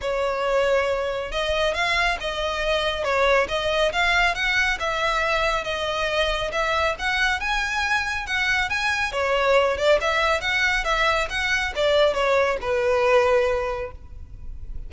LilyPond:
\new Staff \with { instrumentName = "violin" } { \time 4/4 \tempo 4 = 138 cis''2. dis''4 | f''4 dis''2 cis''4 | dis''4 f''4 fis''4 e''4~ | e''4 dis''2 e''4 |
fis''4 gis''2 fis''4 | gis''4 cis''4. d''8 e''4 | fis''4 e''4 fis''4 d''4 | cis''4 b'2. | }